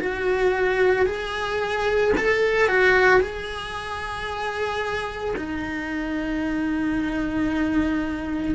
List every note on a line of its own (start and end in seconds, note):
0.00 1.06 F#4
1.06 2.13 G#4
2.17 2.68 A4
2.68 3.20 F#4
3.20 5.35 G#4
5.37 8.55 D#4